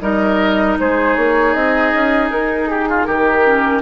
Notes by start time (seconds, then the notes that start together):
0.00 G3 D#4 A#4 D#5
0.79 G#3 G#4 C5
1.16 A#3 C#5
1.53 C4 D#5
1.93 C#4
2.29 D#4 A#4
2.67 G4 G#4
2.89 F4
3.05 D#3 G4 A#4
3.44 C#4